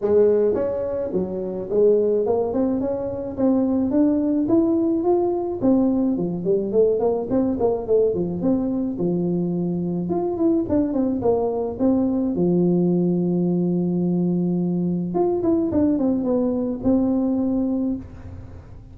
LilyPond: \new Staff \with { instrumentName = "tuba" } { \time 4/4 \tempo 4 = 107 gis4 cis'4 fis4 gis4 | ais8 c'8 cis'4 c'4 d'4 | e'4 f'4 c'4 f8 g8 | a8 ais8 c'8 ais8 a8 f8 c'4 |
f2 f'8 e'8 d'8 c'8 | ais4 c'4 f2~ | f2. f'8 e'8 | d'8 c'8 b4 c'2 | }